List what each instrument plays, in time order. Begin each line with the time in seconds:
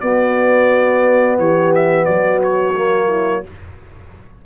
0.00 trombone B3, tuba B3, horn F#4, trumpet D5
1.38 tuba E3, horn G4, trumpet C#5
1.74 trumpet E5
2.05 tuba F#3, horn F#4, trumpet D5
2.43 trumpet C#5
2.75 trombone A#3
3.07 horn E4